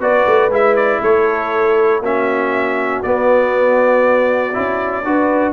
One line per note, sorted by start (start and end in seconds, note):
0.00 0.25 B3
0.00 0.51 F#4
0.00 1.01 B4
0.00 0.53 D5
0.26 0.49 A3
0.49 1.00 G#3
0.49 2.03 E4
0.49 0.76 E5
0.76 1.01 D5
1.01 2.01 A3
1.01 2.02 A4
1.01 2.04 C#5
2.01 3.02 A#3
2.01 3.04 C#4
2.01 5.05 F#4
2.01 3.03 E5
3.03 4.55 B3
3.03 4.53 B3
3.03 5.53 D5
4.53 5.05 C#4
4.53 5.03 E4
5.05 5.53 D4
5.05 5.53 F#4
5.05 5.53 B4